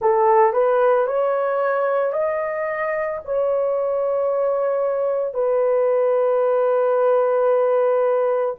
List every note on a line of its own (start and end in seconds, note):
0.00 0.53 A4
0.53 1.06 B4
1.06 2.12 C#5
2.12 3.19 D#5
3.24 5.33 C#5
5.33 8.55 B4